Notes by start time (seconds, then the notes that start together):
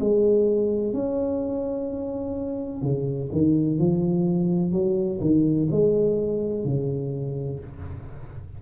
0.00 G#3
0.94 C#4
2.82 C#3
3.32 D#3
3.79 F3
4.72 F#3
5.21 D#3
5.71 G#3
6.65 C#3